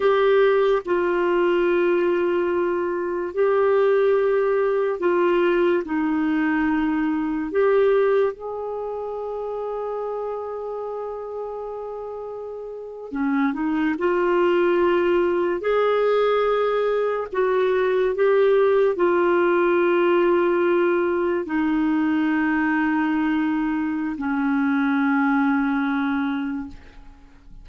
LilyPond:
\new Staff \with { instrumentName = "clarinet" } { \time 4/4 \tempo 4 = 72 g'4 f'2. | g'2 f'4 dis'4~ | dis'4 g'4 gis'2~ | gis'2.~ gis'8. cis'16~ |
cis'16 dis'8 f'2 gis'4~ gis'16~ | gis'8. fis'4 g'4 f'4~ f'16~ | f'4.~ f'16 dis'2~ dis'16~ | dis'4 cis'2. | }